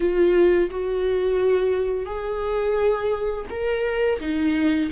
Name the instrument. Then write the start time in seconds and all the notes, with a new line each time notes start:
viola
0.00 F4
0.70 F#4
2.05 G#4
3.49 A#4
4.20 D#4